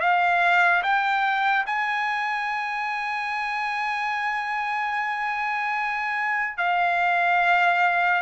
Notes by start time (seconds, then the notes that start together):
0.00 F5
0.83 G5
1.66 G#5
6.57 F5